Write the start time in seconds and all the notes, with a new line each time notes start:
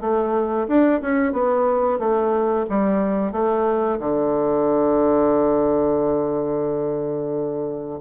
0.00 A3
0.68 D4
1.01 C#4
1.32 B3
1.98 A3
2.69 G3
3.32 A3
3.99 D3